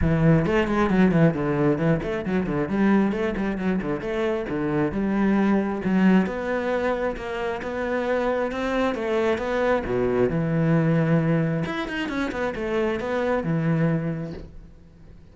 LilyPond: \new Staff \with { instrumentName = "cello" } { \time 4/4 \tempo 4 = 134 e4 a8 gis8 fis8 e8 d4 | e8 a8 fis8 d8 g4 a8 g8 | fis8 d8 a4 d4 g4~ | g4 fis4 b2 |
ais4 b2 c'4 | a4 b4 b,4 e4~ | e2 e'8 dis'8 cis'8 b8 | a4 b4 e2 | }